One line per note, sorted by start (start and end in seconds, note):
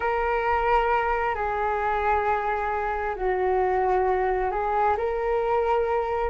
0.00 1.34 A#4
1.34 3.15 G#4
3.15 4.51 F#4
4.51 4.96 G#4
4.97 6.30 A#4